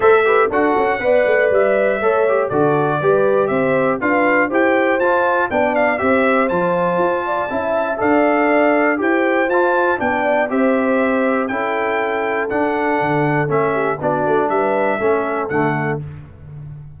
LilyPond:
<<
  \new Staff \with { instrumentName = "trumpet" } { \time 4/4 \tempo 4 = 120 e''4 fis''2 e''4~ | e''4 d''2 e''4 | f''4 g''4 a''4 g''8 f''8 | e''4 a''2. |
f''2 g''4 a''4 | g''4 e''2 g''4~ | g''4 fis''2 e''4 | d''4 e''2 fis''4 | }
  \new Staff \with { instrumentName = "horn" } { \time 4/4 c''8 b'8 a'4 d''2 | cis''4 a'4 b'4 c''4 | b'4 c''2 d''4 | c''2~ c''8 d''8 e''4 |
d''2 c''2 | d''4 c''2 a'4~ | a'2.~ a'8 g'8 | fis'4 b'4 a'2 | }
  \new Staff \with { instrumentName = "trombone" } { \time 4/4 a'8 g'8 fis'4 b'2 | a'8 g'8 fis'4 g'2 | f'4 g'4 f'4 d'4 | g'4 f'2 e'4 |
a'2 g'4 f'4 | d'4 g'2 e'4~ | e'4 d'2 cis'4 | d'2 cis'4 a4 | }
  \new Staff \with { instrumentName = "tuba" } { \time 4/4 a4 d'8 cis'8 b8 a8 g4 | a4 d4 g4 c'4 | d'4 e'4 f'4 b4 | c'4 f4 f'4 cis'4 |
d'2 e'4 f'4 | b4 c'2 cis'4~ | cis'4 d'4 d4 a4 | b8 a8 g4 a4 d4 | }
>>